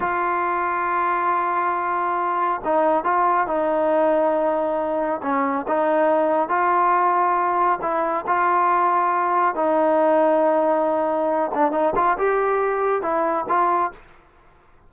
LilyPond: \new Staff \with { instrumentName = "trombone" } { \time 4/4 \tempo 4 = 138 f'1~ | f'2 dis'4 f'4 | dis'1 | cis'4 dis'2 f'4~ |
f'2 e'4 f'4~ | f'2 dis'2~ | dis'2~ dis'8 d'8 dis'8 f'8 | g'2 e'4 f'4 | }